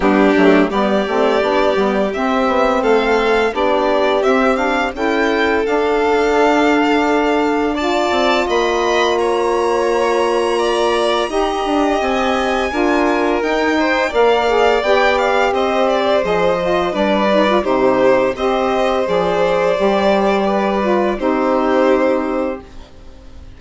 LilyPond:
<<
  \new Staff \with { instrumentName = "violin" } { \time 4/4 \tempo 4 = 85 g'4 d''2 e''4 | f''4 d''4 e''8 f''8 g''4 | f''2. a''4 | b''4 ais''2.~ |
ais''4 gis''2 g''4 | f''4 g''8 f''8 dis''8 d''8 dis''4 | d''4 c''4 dis''4 d''4~ | d''2 c''2 | }
  \new Staff \with { instrumentName = "violin" } { \time 4/4 d'4 g'2. | a'4 g'2 a'4~ | a'2. d''4 | dis''4 cis''2 d''4 |
dis''2 ais'4. c''8 | d''2 c''2 | b'4 g'4 c''2~ | c''4 b'4 g'2 | }
  \new Staff \with { instrumentName = "saxophone" } { \time 4/4 b8 a8 b8 c'8 d'8 b8 c'4~ | c'4 d'4 c'8 d'8 e'4 | d'2. f'4~ | f'1 |
g'2 f'4 dis'4 | ais'8 gis'8 g'2 gis'8 f'8 | d'8 dis'16 f'16 dis'4 g'4 gis'4 | g'4. f'8 dis'2 | }
  \new Staff \with { instrumentName = "bassoon" } { \time 4/4 g8 fis8 g8 a8 b8 g8 c'8 b8 | a4 b4 c'4 cis'4 | d'2.~ d'8 c'8 | ais1 |
dis'8 d'8 c'4 d'4 dis'4 | ais4 b4 c'4 f4 | g4 c4 c'4 f4 | g2 c'2 | }
>>